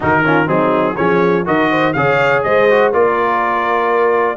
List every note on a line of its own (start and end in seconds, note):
0.00 0.48 D#3
0.00 0.23 D#4
0.00 0.24 F#4
0.00 0.48 A#4
0.24 0.46 C#4
0.24 0.47 F4
0.46 0.96 F#3
0.46 0.95 C4
0.46 0.96 D#4
0.46 0.96 G#4
0.96 1.47 F3
0.96 1.45 C#4
0.96 1.45 G#4
0.96 1.45 C#5
1.45 1.95 D#3
1.45 1.94 F#4
1.45 1.70 A#4
1.45 1.93 D#5
1.71 1.95 C5
1.93 2.43 C#3
1.93 2.69 G#4
1.93 2.44 C#5
1.93 2.42 F5
2.43 2.93 G#3
2.43 2.92 C5
2.43 2.92 D#5
2.70 2.93 F#4
2.92 4.37 A#3
2.92 4.37 F4
2.92 4.37 A#4
2.92 4.37 D5